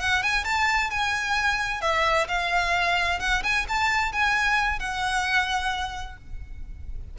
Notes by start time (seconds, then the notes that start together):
0.00 F#5
0.23 G#5
0.45 A5
0.91 G#5
1.82 E5
2.28 F5
3.20 F#5
3.44 G#5
3.69 A5
4.13 G#5
4.80 F#5